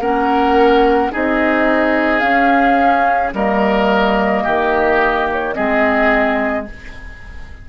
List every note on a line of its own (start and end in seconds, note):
0.00 1.11 A#3
0.00 1.12 C#4
0.00 1.12 A#4
0.00 1.12 F#5
1.12 2.22 C4
1.12 2.21 D#4
1.12 3.34 G#4
1.12 2.20 D#5
2.20 3.32 C#4
2.20 3.33 C#4
2.20 3.31 F5
3.33 4.44 G3
3.33 5.54 A#3
3.33 4.44 A#4
3.33 5.29 D#5
4.44 5.58 D#3
4.44 5.55 G4
5.32 5.54 C#5
5.54 6.69 G#3
5.54 6.66 C4
5.54 6.67 G#4
5.54 6.66 D#5